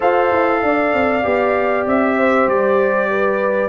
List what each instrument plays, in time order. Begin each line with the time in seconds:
0.00 tuba F4, trombone A4, horn C5, trumpet F5
0.32 tuba E4
0.62 tuba D4, horn D5
0.93 tuba C4
1.22 tuba B3, trombone G4
1.86 tuba C4, trumpet E5
2.16 horn C5
2.47 tuba G3, trumpet D5
3.10 horn B4